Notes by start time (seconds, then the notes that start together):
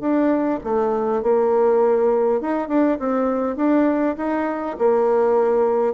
0.00 D4
0.63 A3
1.22 A#3
2.41 D#4
2.68 D4
2.99 C4
3.56 D4
4.17 D#4
4.78 A#3